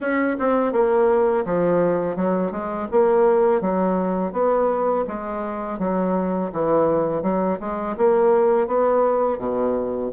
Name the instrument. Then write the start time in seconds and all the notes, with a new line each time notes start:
bassoon
0.00 C#4
0.39 C4
0.72 A#3
1.45 F3
2.16 F#3
2.51 G#3
2.91 A#3
3.61 F#3
4.32 B3
5.07 G#3
5.78 F#3
6.52 E3
7.22 F#3
7.60 G#3
7.97 A#3
8.67 B3
9.38 B2